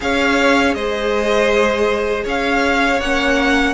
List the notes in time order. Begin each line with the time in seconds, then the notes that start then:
0.00 C#4 G#4 C#5 F5
0.74 G#3 C5 D#5
2.24 C#4 C#5 F5
3.00 A#3 C#4 F#5